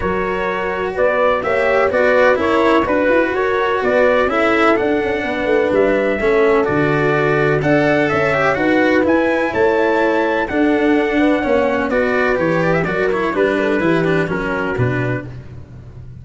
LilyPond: <<
  \new Staff \with { instrumentName = "trumpet" } { \time 4/4 \tempo 4 = 126 cis''2 d''4 e''4 | d''4 cis''4 b'4 cis''4 | d''4 e''4 fis''2 | e''2 d''2 |
fis''4 e''4 fis''4 gis''4 | a''2 fis''2~ | fis''4 d''4 cis''8 d''16 e''16 d''8 cis''8 | b'2 ais'4 b'4 | }
  \new Staff \with { instrumentName = "horn" } { \time 4/4 ais'2 b'4 cis''4 | b'4 ais'4 b'4 ais'4 | b'4 a'2 b'4~ | b'4 a'2. |
d''4 cis''4 b'2 | cis''2 a'4. b'8 | cis''4 b'2 ais'4 | b'8 a'8 g'4 fis'2 | }
  \new Staff \with { instrumentName = "cello" } { \time 4/4 fis'2. g'4 | fis'4 e'4 fis'2~ | fis'4 e'4 d'2~ | d'4 cis'4 fis'2 |
a'4. g'8 fis'4 e'4~ | e'2 d'2 | cis'4 fis'4 g'4 fis'8 e'8 | d'4 e'8 d'8 cis'4 d'4 | }
  \new Staff \with { instrumentName = "tuba" } { \time 4/4 fis2 b4 ais4 | b4 cis'4 d'8 e'8 fis'4 | b4 cis'4 d'8 cis'8 b8 a8 | g4 a4 d2 |
d'4 cis'4 dis'4 e'4 | a2 d'2 | ais4 b4 e4 fis4 | g4 e4 fis4 b,4 | }
>>